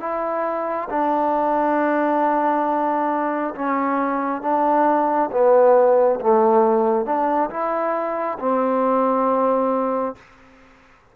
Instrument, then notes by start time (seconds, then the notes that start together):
trombone
0.00 E4
0.89 D4
3.55 C#4
4.42 D4
5.31 B3
6.20 A3
7.05 D4
7.50 E4
8.39 C4